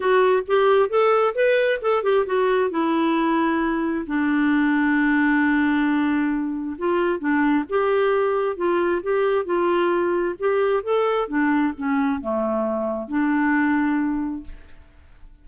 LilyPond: \new Staff \with { instrumentName = "clarinet" } { \time 4/4 \tempo 4 = 133 fis'4 g'4 a'4 b'4 | a'8 g'8 fis'4 e'2~ | e'4 d'2.~ | d'2. f'4 |
d'4 g'2 f'4 | g'4 f'2 g'4 | a'4 d'4 cis'4 a4~ | a4 d'2. | }